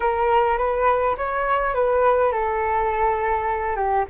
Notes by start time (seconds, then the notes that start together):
0.00 A#4
0.57 B4
1.17 C#5
1.74 B4
2.31 A4
3.76 G4